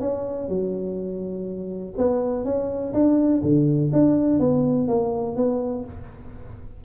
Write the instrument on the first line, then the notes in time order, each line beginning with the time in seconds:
tuba
0.00 C#4
0.48 F#3
1.97 B3
2.44 C#4
2.93 D4
3.42 D3
3.92 D4
4.39 B3
4.88 A#3
5.36 B3